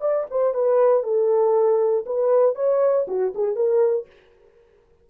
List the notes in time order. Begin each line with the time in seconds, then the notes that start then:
0.00 D5
0.30 C5
0.54 B4
1.03 A4
2.06 B4
2.55 C#5
3.07 F#4
3.34 G#4
3.55 A#4